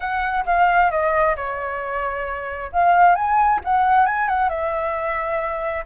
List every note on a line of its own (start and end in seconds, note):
0.00 0.44 F#5
0.45 0.90 F5
0.90 1.35 D#5
1.35 2.71 C#5
2.72 3.15 F5
3.15 3.60 G#5
3.64 4.06 F#5
4.06 4.28 G#5
4.28 4.49 F#5
4.49 5.84 E5